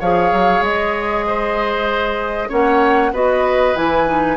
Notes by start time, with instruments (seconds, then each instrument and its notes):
0.00 bassoon F3, clarinet G#4, oboe C#5, flute F5
0.32 bassoon F#3
0.61 bassoon G#3, flute D#5
1.27 oboe C5
2.49 bassoon A#3, clarinet C#4, oboe C#5, flute F#5
3.12 bassoon B3, clarinet F#4, oboe B4, flute D#5
3.75 bassoon E3, clarinet E4, flute G#5
4.07 clarinet D#4